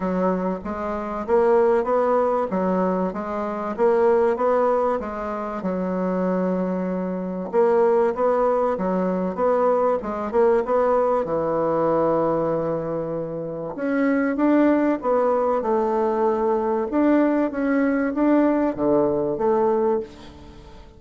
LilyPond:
\new Staff \with { instrumentName = "bassoon" } { \time 4/4 \tempo 4 = 96 fis4 gis4 ais4 b4 | fis4 gis4 ais4 b4 | gis4 fis2. | ais4 b4 fis4 b4 |
gis8 ais8 b4 e2~ | e2 cis'4 d'4 | b4 a2 d'4 | cis'4 d'4 d4 a4 | }